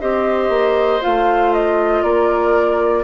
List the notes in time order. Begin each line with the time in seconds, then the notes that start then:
0.00 C4 G4 C5 D#5
0.49 A#3
1.01 A3 F4 F5
1.53 D#5
2.02 A#3 A#4 D5